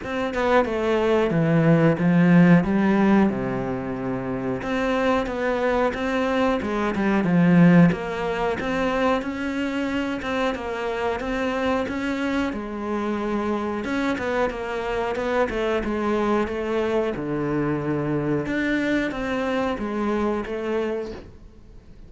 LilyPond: \new Staff \with { instrumentName = "cello" } { \time 4/4 \tempo 4 = 91 c'8 b8 a4 e4 f4 | g4 c2 c'4 | b4 c'4 gis8 g8 f4 | ais4 c'4 cis'4. c'8 |
ais4 c'4 cis'4 gis4~ | gis4 cis'8 b8 ais4 b8 a8 | gis4 a4 d2 | d'4 c'4 gis4 a4 | }